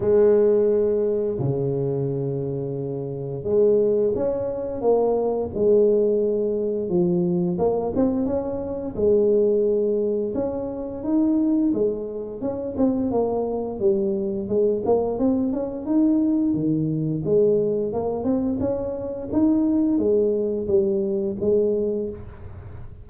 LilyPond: \new Staff \with { instrumentName = "tuba" } { \time 4/4 \tempo 4 = 87 gis2 cis2~ | cis4 gis4 cis'4 ais4 | gis2 f4 ais8 c'8 | cis'4 gis2 cis'4 |
dis'4 gis4 cis'8 c'8 ais4 | g4 gis8 ais8 c'8 cis'8 dis'4 | dis4 gis4 ais8 c'8 cis'4 | dis'4 gis4 g4 gis4 | }